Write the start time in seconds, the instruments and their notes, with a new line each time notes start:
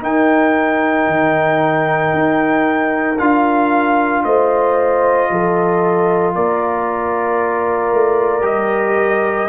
0.00 trombone D#4, tuba D#4, horn A#4, trumpet G5
1.07 tuba D#3
2.13 tuba D#4
3.18 tuba D4, trombone F4, trumpet F5
4.24 tuba A3, horn C5, trumpet D#5
5.30 tuba F3, horn A4
6.35 tuba A#3, horn A#4, trumpet D5
7.93 tuba A3
8.41 tuba G3, trombone G4, trumpet D#5